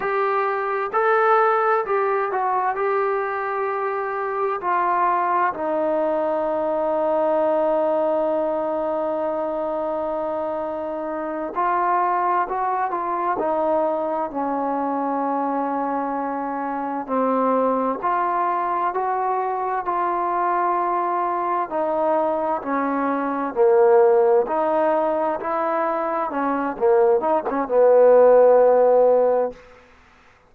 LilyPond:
\new Staff \with { instrumentName = "trombone" } { \time 4/4 \tempo 4 = 65 g'4 a'4 g'8 fis'8 g'4~ | g'4 f'4 dis'2~ | dis'1~ | dis'8 f'4 fis'8 f'8 dis'4 cis'8~ |
cis'2~ cis'8 c'4 f'8~ | f'8 fis'4 f'2 dis'8~ | dis'8 cis'4 ais4 dis'4 e'8~ | e'8 cis'8 ais8 dis'16 cis'16 b2 | }